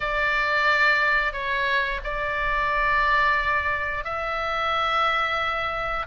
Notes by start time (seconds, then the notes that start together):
0.00 D5
1.33 C#5
2.03 D5
4.04 E5